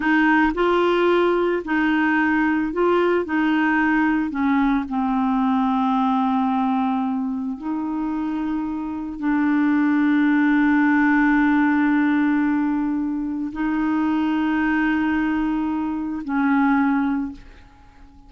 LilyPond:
\new Staff \with { instrumentName = "clarinet" } { \time 4/4 \tempo 4 = 111 dis'4 f'2 dis'4~ | dis'4 f'4 dis'2 | cis'4 c'2.~ | c'2 dis'2~ |
dis'4 d'2.~ | d'1~ | d'4 dis'2.~ | dis'2 cis'2 | }